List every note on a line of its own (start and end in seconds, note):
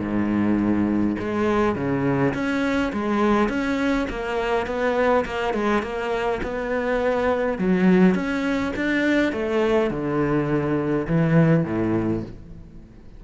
0.00 1.17 G#2
1.19 1.76 G#3
1.76 2.34 C#3
2.34 2.93 C#4
2.93 3.50 G#3
3.50 4.08 C#4
4.10 4.67 A#3
4.67 5.25 B3
5.26 5.54 A#3
5.54 5.83 G#3
5.83 6.41 A#3
6.43 7.59 B3
7.59 8.15 F#3
8.15 8.73 C#4
8.76 9.33 D4
9.33 9.91 A3
9.91 11.07 D3
11.08 11.65 E3
11.65 12.23 A2